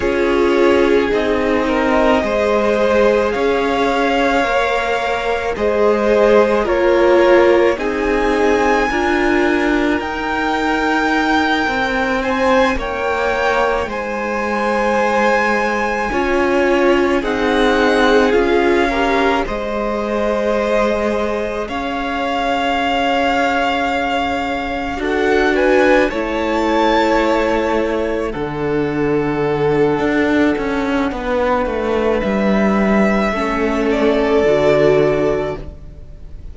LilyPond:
<<
  \new Staff \with { instrumentName = "violin" } { \time 4/4 \tempo 4 = 54 cis''4 dis''2 f''4~ | f''4 dis''4 cis''4 gis''4~ | gis''4 g''2 gis''8 g''8~ | g''8 gis''2. fis''8~ |
fis''8 f''4 dis''2 f''8~ | f''2~ f''8 fis''8 gis''8 a''8~ | a''4. fis''2~ fis''8~ | fis''4 e''4. d''4. | }
  \new Staff \with { instrumentName = "violin" } { \time 4/4 gis'4. ais'8 c''4 cis''4~ | cis''4 c''4 ais'4 gis'4 | ais'2. c''8 cis''8~ | cis''8 c''2 cis''4 gis'8~ |
gis'4 ais'8 c''2 cis''8~ | cis''2~ cis''8 a'8 b'8 cis''8~ | cis''4. a'2~ a'8 | b'2 a'2 | }
  \new Staff \with { instrumentName = "viola" } { \time 4/4 f'4 dis'4 gis'2 | ais'4 gis'4 f'4 dis'4 | f'4 dis'2.~ | dis'2~ dis'8 f'4 dis'8~ |
dis'8 f'8 g'8 gis'2~ gis'8~ | gis'2~ gis'8 fis'4 e'8~ | e'4. d'2~ d'8~ | d'2 cis'4 fis'4 | }
  \new Staff \with { instrumentName = "cello" } { \time 4/4 cis'4 c'4 gis4 cis'4 | ais4 gis4 ais4 c'4 | d'4 dis'4. c'4 ais8~ | ais8 gis2 cis'4 c'8~ |
c'8 cis'4 gis2 cis'8~ | cis'2~ cis'8 d'4 a8~ | a4. d4. d'8 cis'8 | b8 a8 g4 a4 d4 | }
>>